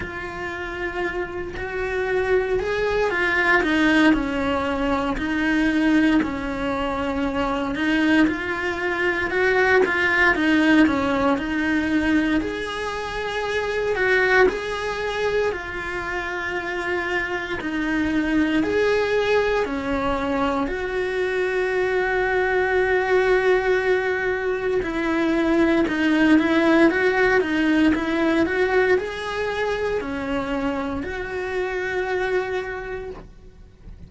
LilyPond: \new Staff \with { instrumentName = "cello" } { \time 4/4 \tempo 4 = 58 f'4. fis'4 gis'8 f'8 dis'8 | cis'4 dis'4 cis'4. dis'8 | f'4 fis'8 f'8 dis'8 cis'8 dis'4 | gis'4. fis'8 gis'4 f'4~ |
f'4 dis'4 gis'4 cis'4 | fis'1 | e'4 dis'8 e'8 fis'8 dis'8 e'8 fis'8 | gis'4 cis'4 fis'2 | }